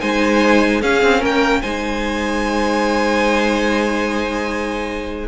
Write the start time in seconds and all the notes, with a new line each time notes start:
0.00 G#3 D#4 C5 G#5
0.81 C#4 G#4 F5
1.02 C4
1.19 A#3 A#4 G5
1.61 G#3 D#4 C5 G#5